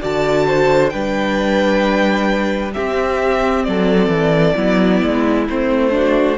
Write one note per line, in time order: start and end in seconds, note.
0.00 0.93 D3
0.00 0.90 F#4
0.00 0.45 D5
0.00 0.89 A5
0.47 0.92 C5
0.89 2.75 G3
0.89 2.72 D4
0.89 2.73 B4
0.89 2.71 G5
2.73 4.56 C4
2.73 3.67 C4
2.73 3.64 G4
2.73 3.64 E5
3.64 4.07 F#3
3.64 4.56 A4
3.64 5.45 D5
4.07 4.52 E3
4.56 5.02 F#3
4.56 5.47 B3
4.56 5.92 E4
5.03 5.48 G#3
5.48 6.38 A3
5.48 5.90 C4
5.48 6.38 C5
5.90 6.36 D4
5.90 6.38 F#4